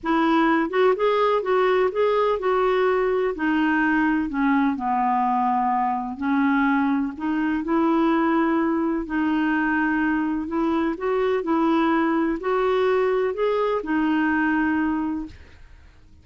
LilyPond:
\new Staff \with { instrumentName = "clarinet" } { \time 4/4 \tempo 4 = 126 e'4. fis'8 gis'4 fis'4 | gis'4 fis'2 dis'4~ | dis'4 cis'4 b2~ | b4 cis'2 dis'4 |
e'2. dis'4~ | dis'2 e'4 fis'4 | e'2 fis'2 | gis'4 dis'2. | }